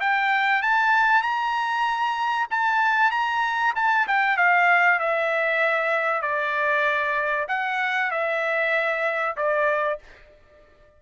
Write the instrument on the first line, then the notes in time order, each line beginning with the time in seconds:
trumpet
0.00 G5
0.62 A5
1.22 A#5
2.51 A5
3.11 A#5
3.76 A5
4.07 G5
4.37 F5
4.99 E5
6.22 D5
7.48 F#5
8.11 E5
9.37 D5